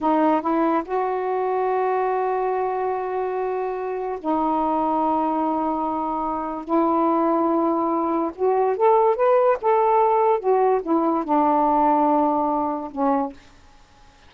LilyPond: \new Staff \with { instrumentName = "saxophone" } { \time 4/4 \tempo 4 = 144 dis'4 e'4 fis'2~ | fis'1~ | fis'2 dis'2~ | dis'1 |
e'1 | fis'4 a'4 b'4 a'4~ | a'4 fis'4 e'4 d'4~ | d'2. cis'4 | }